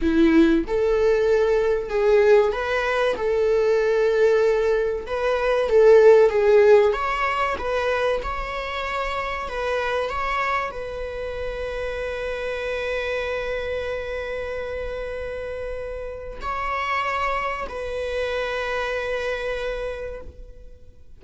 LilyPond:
\new Staff \with { instrumentName = "viola" } { \time 4/4 \tempo 4 = 95 e'4 a'2 gis'4 | b'4 a'2. | b'4 a'4 gis'4 cis''4 | b'4 cis''2 b'4 |
cis''4 b'2.~ | b'1~ | b'2 cis''2 | b'1 | }